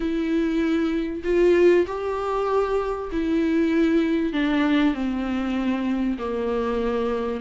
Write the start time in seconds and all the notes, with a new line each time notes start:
0.00 E4
1.24 F4
1.86 G4
3.12 E4
4.32 D4
4.93 C4
6.18 A#3